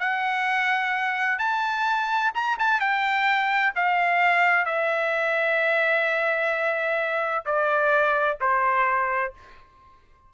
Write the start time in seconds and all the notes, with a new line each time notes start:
0.00 F#5
1.39 A5
2.35 A#5
2.59 A5
2.80 G5
3.76 F5
4.66 E5
7.45 D5
8.41 C5